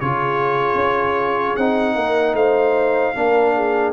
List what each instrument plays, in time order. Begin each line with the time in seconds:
0.00 tuba C#3, trombone F4, horn G#4, trumpet C#5
0.75 tuba C#4
1.56 tuba C4, trombone D#4, trumpet F#5
1.95 tuba A#3, horn A#4
2.34 tuba A3, horn C5, trumpet F5
3.15 tuba A#3, trombone D4, horn A#4
3.55 horn G#4